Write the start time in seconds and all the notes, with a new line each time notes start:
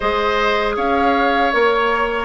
0.00 G#3 G#4 C5 D#5
0.76 C#4 C#5 F5
1.52 A#3 A#4 C#5